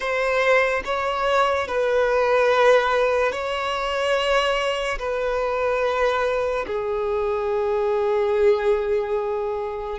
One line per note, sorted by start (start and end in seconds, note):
0.00 0.82 C5
0.84 1.67 C#5
1.67 3.31 B4
3.31 4.98 C#5
4.98 6.65 B4
6.67 9.99 G#4